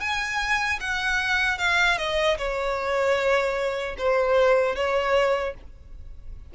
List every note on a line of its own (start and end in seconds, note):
0.00 0.79 G#5
0.80 1.58 F#5
1.58 1.97 F5
1.98 2.37 D#5
2.38 3.95 C#5
3.98 4.75 C5
4.75 5.54 C#5